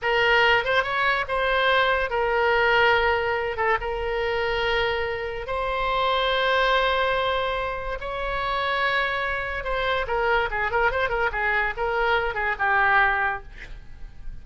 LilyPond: \new Staff \with { instrumentName = "oboe" } { \time 4/4 \tempo 4 = 143 ais'4. c''8 cis''4 c''4~ | c''4 ais'2.~ | ais'8 a'8 ais'2.~ | ais'4 c''2.~ |
c''2. cis''4~ | cis''2. c''4 | ais'4 gis'8 ais'8 c''8 ais'8 gis'4 | ais'4. gis'8 g'2 | }